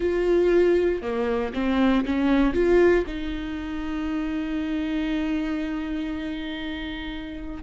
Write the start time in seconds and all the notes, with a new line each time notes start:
0.00 F4
1.02 A#3
1.53 C4
2.05 C#4
2.53 F4
3.06 D#4